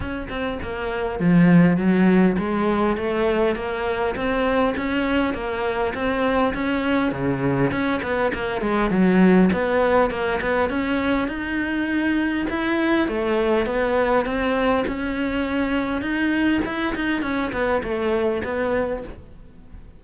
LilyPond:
\new Staff \with { instrumentName = "cello" } { \time 4/4 \tempo 4 = 101 cis'8 c'8 ais4 f4 fis4 | gis4 a4 ais4 c'4 | cis'4 ais4 c'4 cis'4 | cis4 cis'8 b8 ais8 gis8 fis4 |
b4 ais8 b8 cis'4 dis'4~ | dis'4 e'4 a4 b4 | c'4 cis'2 dis'4 | e'8 dis'8 cis'8 b8 a4 b4 | }